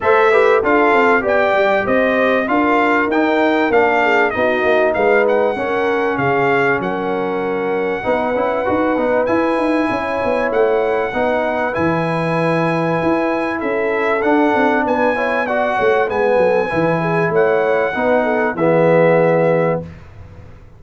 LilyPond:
<<
  \new Staff \with { instrumentName = "trumpet" } { \time 4/4 \tempo 4 = 97 e''4 f''4 g''4 dis''4 | f''4 g''4 f''4 dis''4 | f''8 fis''4. f''4 fis''4~ | fis''2. gis''4~ |
gis''4 fis''2 gis''4~ | gis''2 e''4 fis''4 | gis''4 fis''4 gis''2 | fis''2 e''2 | }
  \new Staff \with { instrumentName = "horn" } { \time 4/4 c''8 b'8 a'4 d''4 c''4 | ais'2~ ais'8 gis'8 fis'4 | b'4 ais'4 gis'4 ais'4~ | ais'4 b'2. |
cis''2 b'2~ | b'2 a'2 | b'8 cis''8 d''8 cis''8 b'8 a'8 b'8 gis'8 | cis''4 b'8 a'8 gis'2 | }
  \new Staff \with { instrumentName = "trombone" } { \time 4/4 a'8 g'8 f'4 g'2 | f'4 dis'4 d'4 dis'4~ | dis'4 cis'2.~ | cis'4 dis'8 e'8 fis'8 dis'8 e'4~ |
e'2 dis'4 e'4~ | e'2. d'4~ | d'8 e'8 fis'4 b4 e'4~ | e'4 dis'4 b2 | }
  \new Staff \with { instrumentName = "tuba" } { \time 4/4 a4 d'8 c'8 b8 g8 c'4 | d'4 dis'4 ais4 b8 ais8 | gis4 cis'4 cis4 fis4~ | fis4 b8 cis'8 dis'8 b8 e'8 dis'8 |
cis'8 b8 a4 b4 e4~ | e4 e'4 cis'4 d'8 c'8 | b4. a8 gis8 fis8 e4 | a4 b4 e2 | }
>>